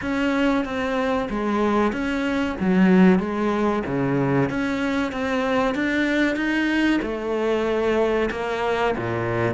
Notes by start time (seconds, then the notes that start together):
0.01 C#4
0.64 C4
1.29 G#3
1.92 C#4
2.59 F#3
3.19 G#3
3.86 C#3
4.49 C#4
5.12 C4
5.74 D4
6.36 D#4
7.02 A3
8.31 A#3
8.97 A#2